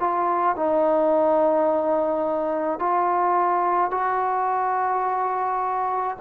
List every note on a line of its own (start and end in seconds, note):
0.00 0.57 F4
0.57 2.80 D#4
2.80 3.91 F4
3.91 6.17 F#4